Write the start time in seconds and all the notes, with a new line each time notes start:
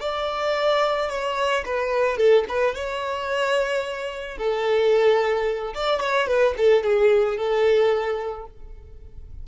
0.00 D5
1.09 C#5
1.65 B4
2.17 A4
2.48 B4
2.75 C#5
4.37 A4
5.74 D5
6.00 C#5
6.27 B4
6.57 A4
6.84 G#4
7.37 A4